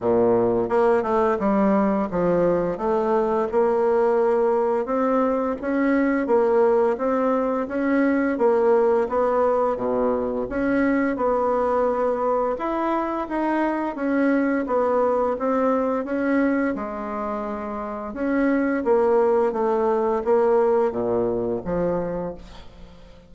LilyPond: \new Staff \with { instrumentName = "bassoon" } { \time 4/4 \tempo 4 = 86 ais,4 ais8 a8 g4 f4 | a4 ais2 c'4 | cis'4 ais4 c'4 cis'4 | ais4 b4 b,4 cis'4 |
b2 e'4 dis'4 | cis'4 b4 c'4 cis'4 | gis2 cis'4 ais4 | a4 ais4 ais,4 f4 | }